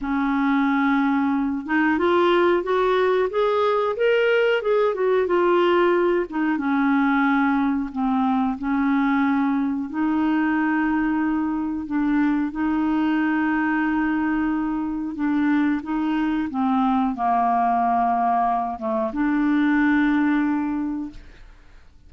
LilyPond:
\new Staff \with { instrumentName = "clarinet" } { \time 4/4 \tempo 4 = 91 cis'2~ cis'8 dis'8 f'4 | fis'4 gis'4 ais'4 gis'8 fis'8 | f'4. dis'8 cis'2 | c'4 cis'2 dis'4~ |
dis'2 d'4 dis'4~ | dis'2. d'4 | dis'4 c'4 ais2~ | ais8 a8 d'2. | }